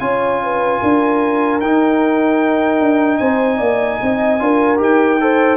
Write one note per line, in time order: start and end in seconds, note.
0.00 0.81 C#4
0.00 1.61 F4
0.00 0.42 C#5
0.00 1.60 G#5
0.44 0.81 B4
0.81 1.61 D4
0.81 3.20 A#4
1.61 2.81 D#4
1.61 4.40 D#4
1.61 3.18 G5
2.81 3.21 D4
3.18 3.61 C4
3.18 3.58 C5
3.18 4.78 G#5
3.58 4.00 A#3
3.58 3.98 D5
4.02 4.41 C4
4.02 4.43 D#5
4.40 4.80 D4
4.40 4.78 F4
4.40 5.22 A#4
4.78 5.57 D#4
4.78 5.18 G4
4.78 5.57 G5
5.21 5.57 A4
5.21 5.57 C5